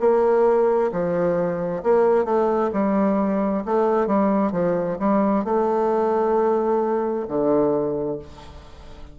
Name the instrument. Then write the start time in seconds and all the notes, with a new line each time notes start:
bassoon
0.00 A#3
0.92 F3
1.83 A#3
2.25 A3
2.73 G3
3.65 A3
4.07 G3
4.52 F3
4.99 G3
5.45 A3
7.28 D3